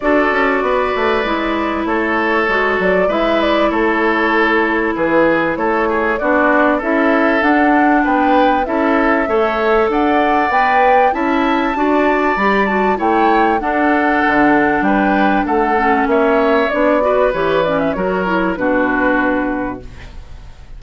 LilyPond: <<
  \new Staff \with { instrumentName = "flute" } { \time 4/4 \tempo 4 = 97 d''2. cis''4~ | cis''8 d''8 e''8 d''8 cis''2 | b'4 cis''4 d''4 e''4 | fis''4 g''4 e''2 |
fis''4 g''4 a''2 | b''8 a''8 g''4 fis''2 | g''4 fis''4 e''4 d''4 | cis''8 d''16 e''16 cis''4 b'2 | }
  \new Staff \with { instrumentName = "oboe" } { \time 4/4 a'4 b'2 a'4~ | a'4 b'4 a'2 | gis'4 a'8 gis'8 fis'4 a'4~ | a'4 b'4 a'4 cis''4 |
d''2 e''4 d''4~ | d''4 cis''4 a'2 | b'4 a'4 cis''4. b'8~ | b'4 ais'4 fis'2 | }
  \new Staff \with { instrumentName = "clarinet" } { \time 4/4 fis'2 e'2 | fis'4 e'2.~ | e'2 d'4 e'4 | d'2 e'4 a'4~ |
a'4 b'4 e'4 fis'4 | g'8 fis'8 e'4 d'2~ | d'4. cis'4. d'8 fis'8 | g'8 cis'8 fis'8 e'8 d'2 | }
  \new Staff \with { instrumentName = "bassoon" } { \time 4/4 d'8 cis'8 b8 a8 gis4 a4 | gis8 fis8 gis4 a2 | e4 a4 b4 cis'4 | d'4 b4 cis'4 a4 |
d'4 b4 cis'4 d'4 | g4 a4 d'4 d4 | g4 a4 ais4 b4 | e4 fis4 b,2 | }
>>